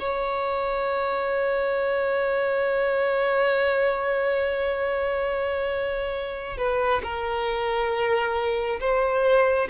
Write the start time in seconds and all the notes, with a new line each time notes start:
0.00 C#5
6.58 B4
7.03 A#4
8.80 C5